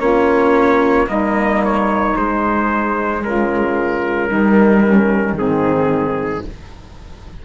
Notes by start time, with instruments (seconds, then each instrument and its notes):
0.00 bassoon A#3, cello C#4, saxophone F4, trumpet C#5
1.07 bassoon G3, cello A#3, saxophone D#4, trumpet D#5
1.65 trumpet C#5
2.16 bassoon G#3, cello G#3, trumpet C5
3.25 bassoon C#3, saxophone F4, trumpet A#4
4.28 bassoon D#3, cello G3, saxophone D#4
4.85 saxophone C#4
5.33 bassoon G#2, cello D#3, saxophone C4, trumpet G#4